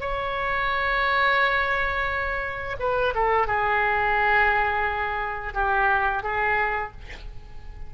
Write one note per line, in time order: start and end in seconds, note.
0.00 2.76 C#5
2.79 3.13 B4
3.14 3.47 A4
3.47 5.54 G#4
5.54 6.23 G4
6.23 6.92 G#4